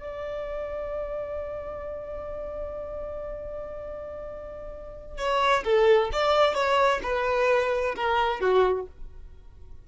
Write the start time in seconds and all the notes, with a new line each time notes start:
0.00 D5
5.18 C#5
5.65 A4
6.13 D5
6.55 C#5
7.03 B4
7.96 A#4
8.41 F#4